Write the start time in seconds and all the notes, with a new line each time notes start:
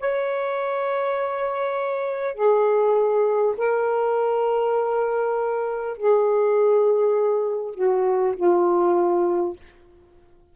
0.00 C#5
2.35 G#4
3.58 A#4
5.98 G#4
7.75 F#4
8.36 F4